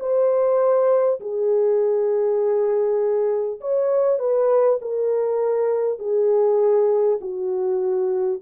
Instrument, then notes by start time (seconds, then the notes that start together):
horn
0.00 C5
1.21 G#4
3.61 C#5
4.19 B4
4.82 A#4
5.99 G#4
7.21 F#4